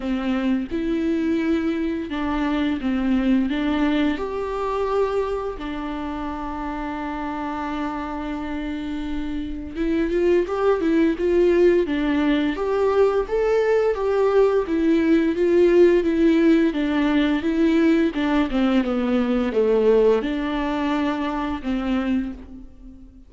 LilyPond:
\new Staff \with { instrumentName = "viola" } { \time 4/4 \tempo 4 = 86 c'4 e'2 d'4 | c'4 d'4 g'2 | d'1~ | d'2 e'8 f'8 g'8 e'8 |
f'4 d'4 g'4 a'4 | g'4 e'4 f'4 e'4 | d'4 e'4 d'8 c'8 b4 | a4 d'2 c'4 | }